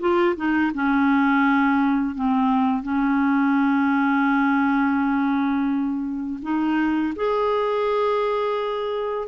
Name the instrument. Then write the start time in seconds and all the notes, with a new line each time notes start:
clarinet
0.00 F4
0.36 D#4
0.75 C#4
2.16 C4
2.83 C#4
6.43 D#4
7.16 G#4